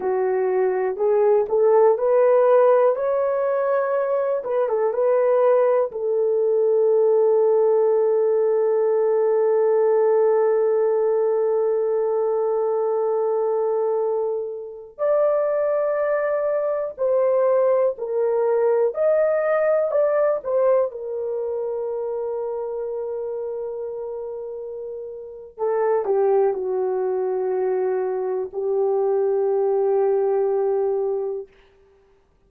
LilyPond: \new Staff \with { instrumentName = "horn" } { \time 4/4 \tempo 4 = 61 fis'4 gis'8 a'8 b'4 cis''4~ | cis''8 b'16 a'16 b'4 a'2~ | a'1~ | a'2.~ a'16 d''8.~ |
d''4~ d''16 c''4 ais'4 dis''8.~ | dis''16 d''8 c''8 ais'2~ ais'8.~ | ais'2 a'8 g'8 fis'4~ | fis'4 g'2. | }